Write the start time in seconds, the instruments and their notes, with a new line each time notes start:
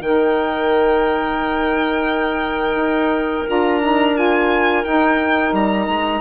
0.00 bassoon D#3, saxophone D#4, clarinet A#4, violin G5
2.75 bassoon D#4
3.47 bassoon D4, saxophone F4, violin A#5
3.81 saxophone D#4
4.14 saxophone F4, violin G#5
4.84 bassoon D#4, saxophone D#4, violin G5
5.52 bassoon G3, violin A#5
5.88 bassoon G#3